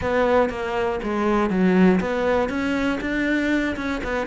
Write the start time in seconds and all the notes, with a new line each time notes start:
0.01 B3
0.49 A#3
1.03 G#3
1.50 F#3
2.00 B3
2.49 C#4
3.00 D4
3.76 C#4
4.03 B3